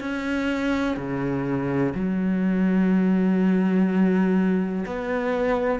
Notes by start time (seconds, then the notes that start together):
0.00 C#4
0.96 C#3
1.95 F#3
4.86 B3